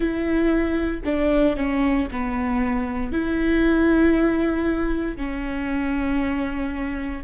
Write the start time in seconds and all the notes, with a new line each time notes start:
0.00 E4
1.04 D4
1.56 C#4
2.11 B3
3.11 E4
5.16 C#4